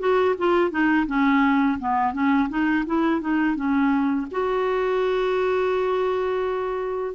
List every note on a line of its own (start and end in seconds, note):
0.00 0.36 F#4
0.39 0.71 F4
0.71 1.07 D#4
1.07 1.79 C#4
1.80 2.14 B3
2.14 2.49 C#4
2.50 2.85 D#4
2.86 3.21 E4
3.21 3.56 D#4
3.56 4.27 C#4
4.32 7.15 F#4